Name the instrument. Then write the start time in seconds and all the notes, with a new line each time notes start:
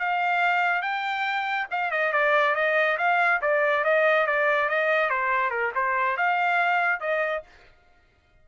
trumpet
0.00 F5
0.83 G5
1.71 F5
1.92 D#5
2.13 D5
2.56 D#5
2.98 F5
3.42 D5
3.85 D#5
4.27 D5
4.69 D#5
5.10 C5
5.51 A#4
5.75 C5
6.17 F5
7.01 D#5